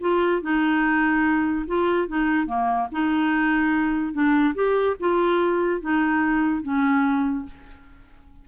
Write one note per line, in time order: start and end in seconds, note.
0.00 0.41 F4
0.42 1.66 D#4
1.67 2.07 F4
2.07 2.46 D#4
2.46 2.87 A#3
2.92 4.12 D#4
4.12 4.54 D4
4.54 4.96 G4
5.00 5.81 F4
5.81 6.62 D#4
6.62 7.45 C#4